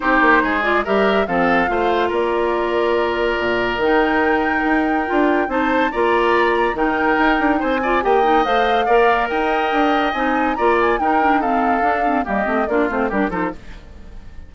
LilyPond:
<<
  \new Staff \with { instrumentName = "flute" } { \time 4/4 \tempo 4 = 142 c''4. d''8 e''4 f''4~ | f''4 d''2.~ | d''4 g''2.~ | g''4 a''4 ais''2 |
g''2 gis''4 g''4 | f''2 g''2 | gis''4 ais''8 gis''8 g''4 f''4~ | f''4 dis''4 d''8 c''8 ais'8 c''8 | }
  \new Staff \with { instrumentName = "oboe" } { \time 4/4 g'4 gis'4 ais'4 a'4 | c''4 ais'2.~ | ais'1~ | ais'4 c''4 d''2 |
ais'2 c''8 d''8 dis''4~ | dis''4 d''4 dis''2~ | dis''4 d''4 ais'4 a'4~ | a'4 g'4 f'4 g'8 a'8 | }
  \new Staff \with { instrumentName = "clarinet" } { \time 4/4 dis'4. f'8 g'4 c'4 | f'1~ | f'4 dis'2. | f'4 dis'4 f'2 |
dis'2~ dis'8 f'8 g'8 dis'8 | c''4 ais'2. | dis'4 f'4 dis'8 d'8 c'4 | d'8 c'8 ais8 c'8 d'8 c'8 d'8 dis'8 | }
  \new Staff \with { instrumentName = "bassoon" } { \time 4/4 c'8 ais8 gis4 g4 f4 | a4 ais2. | ais,4 dis2 dis'4 | d'4 c'4 ais2 |
dis4 dis'8 d'8 c'4 ais4 | a4 ais4 dis'4 d'4 | c'4 ais4 dis'2 | d'4 g8 a8 ais8 a8 g8 f8 | }
>>